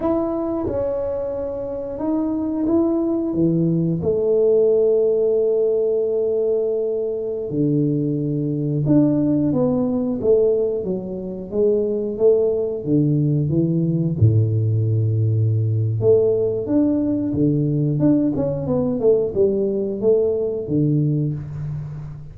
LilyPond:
\new Staff \with { instrumentName = "tuba" } { \time 4/4 \tempo 4 = 90 e'4 cis'2 dis'4 | e'4 e4 a2~ | a2.~ a16 d8.~ | d4~ d16 d'4 b4 a8.~ |
a16 fis4 gis4 a4 d8.~ | d16 e4 a,2~ a,8. | a4 d'4 d4 d'8 cis'8 | b8 a8 g4 a4 d4 | }